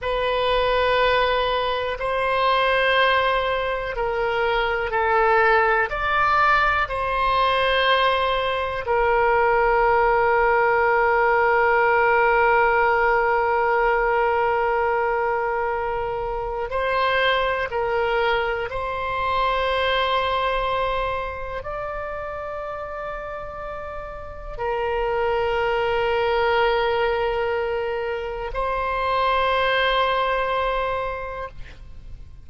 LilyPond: \new Staff \with { instrumentName = "oboe" } { \time 4/4 \tempo 4 = 61 b'2 c''2 | ais'4 a'4 d''4 c''4~ | c''4 ais'2.~ | ais'1~ |
ais'4 c''4 ais'4 c''4~ | c''2 d''2~ | d''4 ais'2.~ | ais'4 c''2. | }